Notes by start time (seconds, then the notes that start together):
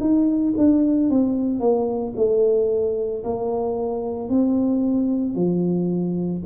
0.00 D#4
0.57 D4
1.10 C4
1.60 A#3
2.16 A3
3.24 A#3
4.29 C4
5.35 F3